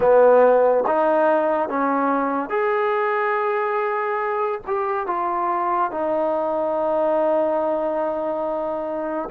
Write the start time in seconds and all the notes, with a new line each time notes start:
0.00 B3
0.86 D#4
1.69 C#4
2.49 G#4
4.67 G4
5.06 F4
5.91 D#4